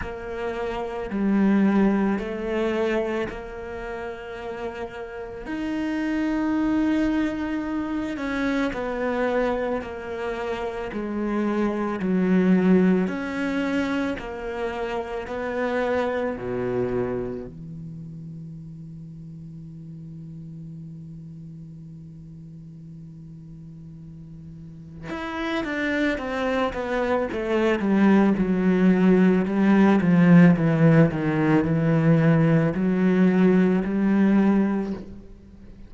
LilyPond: \new Staff \with { instrumentName = "cello" } { \time 4/4 \tempo 4 = 55 ais4 g4 a4 ais4~ | ais4 dis'2~ dis'8 cis'8 | b4 ais4 gis4 fis4 | cis'4 ais4 b4 b,4 |
e1~ | e2. e'8 d'8 | c'8 b8 a8 g8 fis4 g8 f8 | e8 dis8 e4 fis4 g4 | }